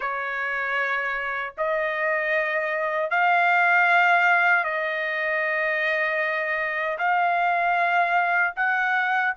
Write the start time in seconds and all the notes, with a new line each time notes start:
0.00 C#5
1.57 D#5
3.10 F5
4.64 D#5
6.98 F5
8.55 F#5